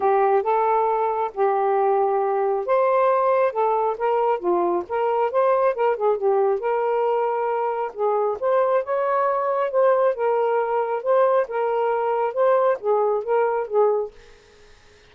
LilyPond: \new Staff \with { instrumentName = "saxophone" } { \time 4/4 \tempo 4 = 136 g'4 a'2 g'4~ | g'2 c''2 | a'4 ais'4 f'4 ais'4 | c''4 ais'8 gis'8 g'4 ais'4~ |
ais'2 gis'4 c''4 | cis''2 c''4 ais'4~ | ais'4 c''4 ais'2 | c''4 gis'4 ais'4 gis'4 | }